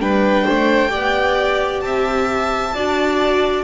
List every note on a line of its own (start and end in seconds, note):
0.00 0.45 G3
0.00 0.90 D4
0.00 0.45 B4
0.00 1.81 G5
0.45 0.95 A3
0.45 0.91 C5
0.90 1.83 B3
0.90 2.71 G4
0.90 1.82 D5
1.81 2.74 C4
1.81 2.75 E5
1.81 3.63 A5
2.75 3.65 D4
2.75 3.65 F#4
2.75 3.65 D5